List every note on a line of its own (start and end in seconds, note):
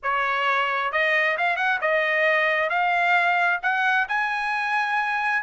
0.02 0.92 C#5
0.92 1.37 D#5
1.37 1.56 F5
1.56 1.79 F#5
1.81 2.69 D#5
2.69 3.60 F5
3.62 4.07 F#5
4.08 5.43 G#5